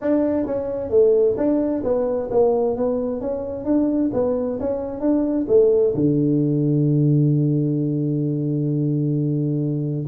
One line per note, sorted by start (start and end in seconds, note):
0.01 0.46 D4
0.46 0.90 C#4
0.90 1.36 A3
1.37 1.82 D4
1.83 2.29 B3
2.30 2.76 A#3
2.76 3.20 B3
3.20 3.64 C#4
3.64 4.10 D4
4.13 4.59 B3
4.60 5.00 C#4
5.00 5.46 D4
5.48 5.94 A3
5.94 10.06 D3